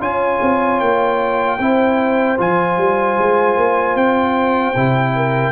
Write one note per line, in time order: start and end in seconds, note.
0.00 0.39 C#4
0.00 1.58 F4
0.00 1.59 C#5
0.00 0.80 G#5
0.42 0.81 C4
0.80 1.59 A#3
0.80 2.38 G5
1.59 2.38 C4
1.59 2.38 E4
1.59 5.15 C5
2.38 2.77 F3
2.38 4.75 F4
2.38 3.96 G#5
2.77 3.17 G3
3.18 3.57 G#3
3.57 3.95 A#3
3.95 4.74 C4
3.95 5.52 G5
4.76 5.52 C3
4.76 5.52 E4
5.15 5.52 A#4